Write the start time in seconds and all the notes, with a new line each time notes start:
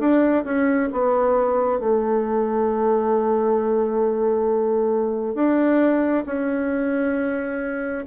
0.00 D4
0.45 C#4
0.93 B3
1.80 A3
5.35 D4
6.26 C#4